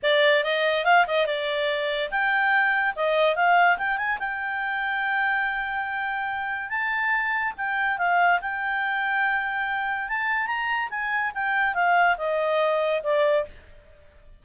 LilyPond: \new Staff \with { instrumentName = "clarinet" } { \time 4/4 \tempo 4 = 143 d''4 dis''4 f''8 dis''8 d''4~ | d''4 g''2 dis''4 | f''4 g''8 gis''8 g''2~ | g''1 |
a''2 g''4 f''4 | g''1 | a''4 ais''4 gis''4 g''4 | f''4 dis''2 d''4 | }